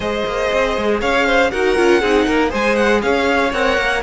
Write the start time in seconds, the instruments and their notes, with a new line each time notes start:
0.00 cello G#3, viola G#4, violin C5 D#5
0.26 cello A#3
0.52 cello C4
0.77 cello G#3
1.00 cello C#4, violin C#5 F5
1.26 violin C5
1.50 cello D#4, viola F#4, violin A#4 F#5
1.76 cello C#4, viola F4
2.00 cello C4, viola D#4, violin G#4
2.25 cello A#3, violin A#4
2.49 cello G#3, viola G#4, violin C5 G#5
2.75 violin F#5
3.02 cello C#4, violin C#5 F5
3.52 cello C4, viola A#4, violin F#5
3.77 cello A#3